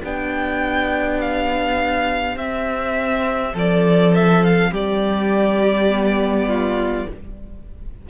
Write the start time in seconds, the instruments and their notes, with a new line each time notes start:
0.00 cello B3, viola D4, violin G4 G5
1.20 violin F5
2.36 cello C4, viola C4, violin E5
3.53 cello F3, violin A4 D5
4.14 violin E5
4.44 violin F5
4.71 cello G3, violin G4 D5
5.89 viola B3
6.47 violin F4